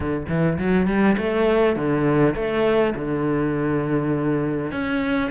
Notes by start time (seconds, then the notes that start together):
0.00 D3
0.28 E3
0.58 F#3
0.87 G3
1.17 A3
1.76 D3
2.35 A3
2.95 D3
4.71 C#4